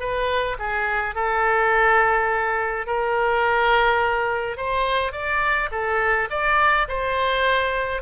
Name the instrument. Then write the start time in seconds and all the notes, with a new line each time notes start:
oboe
0.00 B4
0.59 G#4
1.15 A4
2.86 A#4
4.57 C5
5.12 D5
5.72 A4
6.30 D5
6.88 C5